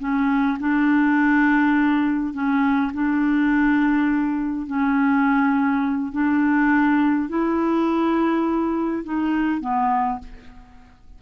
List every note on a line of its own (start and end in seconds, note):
0.00 0.58 C#4
0.60 2.34 D4
2.34 2.92 C#4
2.94 4.67 D4
4.67 6.13 C#4
6.13 7.29 D4
7.29 9.04 E4
9.05 9.61 D#4
9.61 10.19 B3